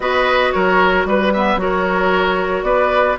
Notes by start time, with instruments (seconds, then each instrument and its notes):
0.00 bassoon B3, clarinet F#4, oboe B4, flute D#5
0.51 bassoon F#3, oboe A#4, flute C#5
1.05 bassoon G3, flute B4, oboe B4
1.33 clarinet B3, oboe E5
1.56 bassoon F#3, clarinet F#4, oboe A#4, flute C#5
2.62 bassoon B3, oboe B4, flute D5